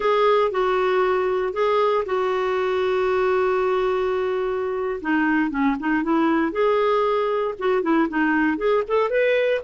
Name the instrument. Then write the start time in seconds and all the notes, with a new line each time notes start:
clarinet
0.00 G#4
0.51 F#4
1.53 G#4
2.05 F#4
5.01 D#4
5.50 C#4
5.79 D#4
6.03 E4
6.52 G#4
7.58 F#4
7.82 E4
8.08 D#4
8.57 G#4
8.87 A4
9.10 B4